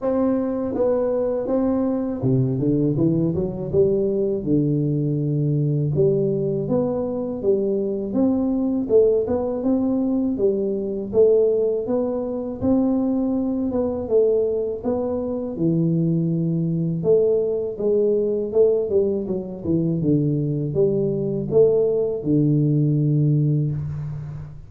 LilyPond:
\new Staff \with { instrumentName = "tuba" } { \time 4/4 \tempo 4 = 81 c'4 b4 c'4 c8 d8 | e8 fis8 g4 d2 | g4 b4 g4 c'4 | a8 b8 c'4 g4 a4 |
b4 c'4. b8 a4 | b4 e2 a4 | gis4 a8 g8 fis8 e8 d4 | g4 a4 d2 | }